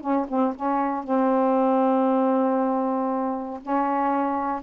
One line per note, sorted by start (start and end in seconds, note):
0.00 0.26 C#4
0.28 0.54 C4
0.55 1.03 C#4
1.03 3.60 C4
3.62 4.62 C#4